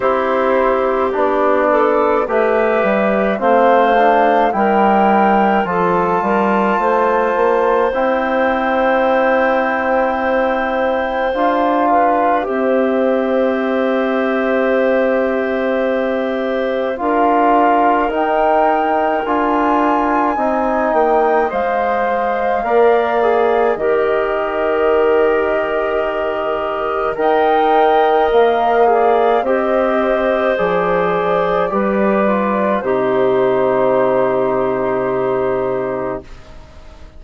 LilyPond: <<
  \new Staff \with { instrumentName = "flute" } { \time 4/4 \tempo 4 = 53 c''4 d''4 e''4 f''4 | g''4 a''2 g''4~ | g''2 f''4 e''4~ | e''2. f''4 |
g''4 gis''4. g''8 f''4~ | f''4 dis''2. | g''4 f''4 dis''4 d''4~ | d''4 c''2. | }
  \new Staff \with { instrumentName = "clarinet" } { \time 4/4 g'4. a'8 b'4 c''4 | ais'4 a'8 ais'8 c''2~ | c''2~ c''8 b'8 c''4~ | c''2. ais'4~ |
ais'2 dis''2 | d''4 ais'2. | dis''4. d''8 c''2 | b'4 g'2. | }
  \new Staff \with { instrumentName = "trombone" } { \time 4/4 e'4 d'4 g'4 c'8 d'8 | e'4 f'2 e'4~ | e'2 f'4 g'4~ | g'2. f'4 |
dis'4 f'4 dis'4 c''4 | ais'8 gis'8 g'2. | ais'4. gis'8 g'4 gis'4 | g'8 f'8 dis'2. | }
  \new Staff \with { instrumentName = "bassoon" } { \time 4/4 c'4 b4 a8 g8 a4 | g4 f8 g8 a8 ais8 c'4~ | c'2 d'4 c'4~ | c'2. d'4 |
dis'4 d'4 c'8 ais8 gis4 | ais4 dis2. | dis'4 ais4 c'4 f4 | g4 c2. | }
>>